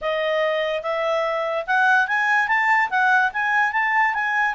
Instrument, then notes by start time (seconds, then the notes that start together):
clarinet
0.01 D#5
0.82 E5
1.66 F#5
2.07 G#5
2.47 A5
2.90 F#5
3.32 G#5
3.72 A5
4.14 G#5